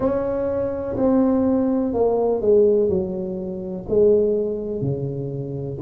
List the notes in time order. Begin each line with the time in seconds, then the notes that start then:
0.00 C#4
0.96 C4
1.94 A#3
2.41 G#3
2.89 F#3
3.88 G#3
4.81 C#3